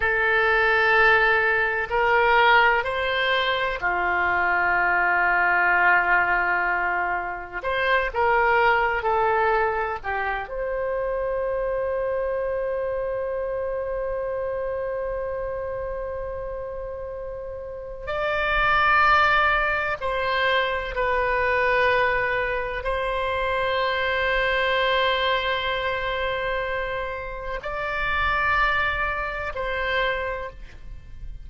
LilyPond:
\new Staff \with { instrumentName = "oboe" } { \time 4/4 \tempo 4 = 63 a'2 ais'4 c''4 | f'1 | c''8 ais'4 a'4 g'8 c''4~ | c''1~ |
c''2. d''4~ | d''4 c''4 b'2 | c''1~ | c''4 d''2 c''4 | }